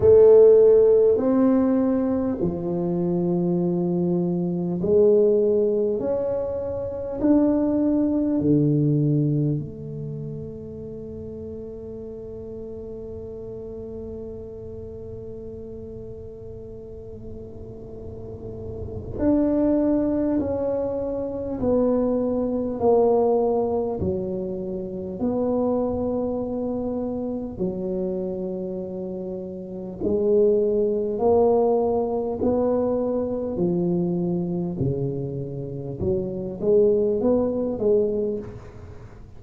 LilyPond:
\new Staff \with { instrumentName = "tuba" } { \time 4/4 \tempo 4 = 50 a4 c'4 f2 | gis4 cis'4 d'4 d4 | a1~ | a1 |
d'4 cis'4 b4 ais4 | fis4 b2 fis4~ | fis4 gis4 ais4 b4 | f4 cis4 fis8 gis8 b8 gis8 | }